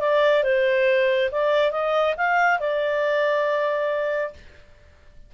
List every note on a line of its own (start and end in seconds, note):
0.00 0.43 D5
0.43 1.30 C5
1.32 1.72 D5
1.72 2.15 D#5
2.17 2.60 F5
2.60 4.34 D5